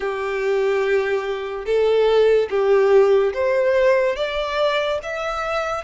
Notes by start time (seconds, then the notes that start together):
0.00 G4
1.65 A4
2.50 G4
3.33 C5
4.16 D5
5.02 E5